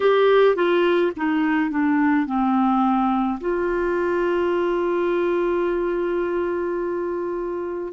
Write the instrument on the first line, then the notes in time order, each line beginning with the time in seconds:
clarinet
0.00 G4
0.55 F4
1.16 D#4
1.70 D4
2.26 C4
3.40 F4